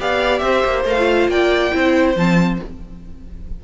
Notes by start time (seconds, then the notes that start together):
0.00 B3 G4 D5 F5
0.39 C4 C5 E5
0.65 A#3
0.84 A3 A#4 F5
0.98 F4
1.28 A#3 D5 G5
1.72 C4 E4 C5
2.16 F3 C4 A5